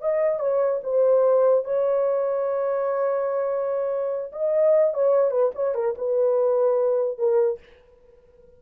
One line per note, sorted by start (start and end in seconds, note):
0.00 0.39 D#5
0.39 0.80 C#5
0.83 1.64 C5
1.64 4.31 C#5
4.32 4.94 D#5
4.94 5.31 C#5
5.31 5.51 B4
5.55 5.74 C#5
5.74 5.95 A#4
5.97 7.18 B4
7.18 7.59 A#4